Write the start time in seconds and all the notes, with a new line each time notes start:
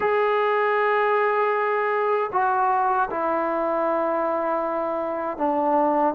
0.00 G#4
2.32 F#4
3.10 E4
5.37 D4